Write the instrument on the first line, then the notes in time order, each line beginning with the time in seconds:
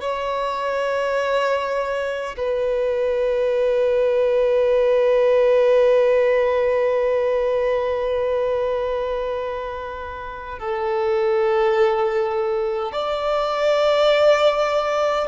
violin
0.00 C#5
2.37 B4
10.59 A4
12.92 D5